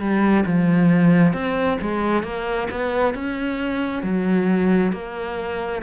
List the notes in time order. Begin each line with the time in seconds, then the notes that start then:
0.00 G3
0.46 F3
1.34 C4
1.82 G#3
2.23 A#3
2.71 B3
3.15 C#4
4.03 F#3
4.93 A#3